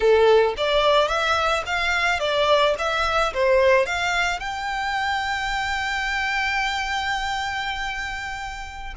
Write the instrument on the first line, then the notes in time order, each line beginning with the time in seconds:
violin
0.00 A4
0.57 D5
1.08 E5
1.65 F5
2.19 D5
2.78 E5
3.33 C5
3.86 F5
4.39 G5